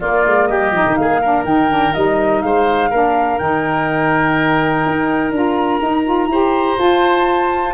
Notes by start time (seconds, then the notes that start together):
0.00 A#3 F4 D5
0.26 G#3
0.46 G3 G4 D#5
0.71 F3 D#4
0.86 D#3
0.95 A#3 F5
1.01 G#4
1.21 D4 A#4
1.44 D#3 D#4 G5
1.69 D4
1.93 G3 D#4 D#5
2.42 G#3 C5 F5
2.90 A#3 D4 A#4
3.38 D#3 D#4 G5
4.86 D#4
5.31 D4 F4 A#5
5.80 D#4
6.04 F4
6.27 E4 G4 C5
6.78 F4 A5